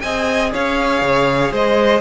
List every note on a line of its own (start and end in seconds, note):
0.00 0.54 C4
0.00 2.01 G#4
0.00 0.53 D#5
0.00 0.50 G#5
0.53 1.02 C#4
0.53 1.53 C#5
0.53 1.54 F5
1.02 1.52 C#3
1.52 2.01 G#3
1.52 2.01 C5
1.52 2.01 D#5